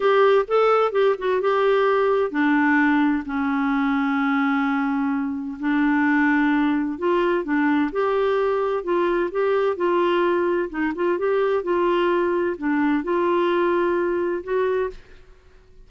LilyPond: \new Staff \with { instrumentName = "clarinet" } { \time 4/4 \tempo 4 = 129 g'4 a'4 g'8 fis'8 g'4~ | g'4 d'2 cis'4~ | cis'1 | d'2. f'4 |
d'4 g'2 f'4 | g'4 f'2 dis'8 f'8 | g'4 f'2 d'4 | f'2. fis'4 | }